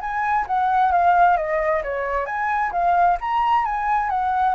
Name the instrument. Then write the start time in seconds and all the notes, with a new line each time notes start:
flute
0.00 G#5
0.46 F#5
0.92 F5
1.37 D#5
1.83 C#5
2.25 G#5
2.71 F5
3.20 A#5
3.65 G#5
4.09 F#5